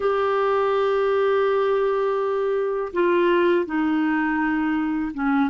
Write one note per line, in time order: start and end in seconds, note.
0.00 2.92 G4
2.93 3.65 F4
3.65 5.12 D#4
5.14 5.50 C#4